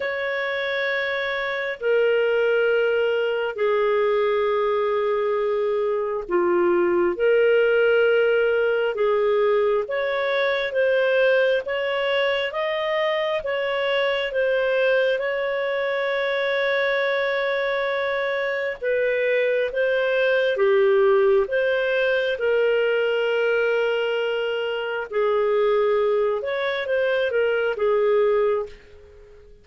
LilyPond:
\new Staff \with { instrumentName = "clarinet" } { \time 4/4 \tempo 4 = 67 cis''2 ais'2 | gis'2. f'4 | ais'2 gis'4 cis''4 | c''4 cis''4 dis''4 cis''4 |
c''4 cis''2.~ | cis''4 b'4 c''4 g'4 | c''4 ais'2. | gis'4. cis''8 c''8 ais'8 gis'4 | }